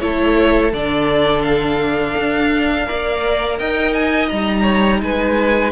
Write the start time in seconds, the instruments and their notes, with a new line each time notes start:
0.00 cello A3, viola E4, violin A4 C#5
0.73 cello D3, viola D4, violin D5
1.43 violin F5
2.17 cello D4
2.87 cello A#3, viola A#4, violin D5
3.59 cello D#4, violin D#5 G5
3.94 violin G#5
4.29 cello G3, viola D#4, violin A#5
4.63 violin C#5
5.02 cello G#3, violin B4 G#5